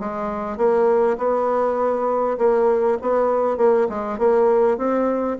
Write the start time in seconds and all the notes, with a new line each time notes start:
0.00 G#3
0.58 A#3
1.18 B3
2.38 A#3
3.02 B3
3.57 A#3
3.89 G#3
4.19 A#3
4.78 C4